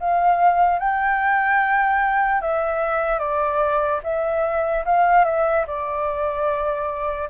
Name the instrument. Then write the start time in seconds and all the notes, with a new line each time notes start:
flute
0.00 F5
0.79 G5
2.42 E5
3.19 D5
4.04 E5
4.85 F5
5.25 E5
5.67 D5